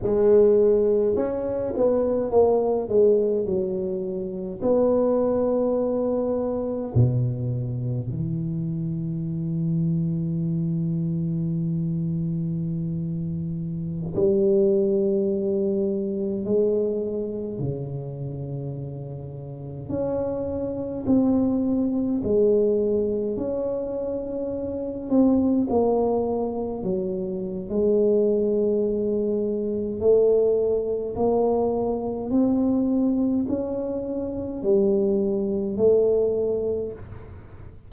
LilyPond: \new Staff \with { instrumentName = "tuba" } { \time 4/4 \tempo 4 = 52 gis4 cis'8 b8 ais8 gis8 fis4 | b2 b,4 e4~ | e1~ | e16 g2 gis4 cis8.~ |
cis4~ cis16 cis'4 c'4 gis8.~ | gis16 cis'4. c'8 ais4 fis8. | gis2 a4 ais4 | c'4 cis'4 g4 a4 | }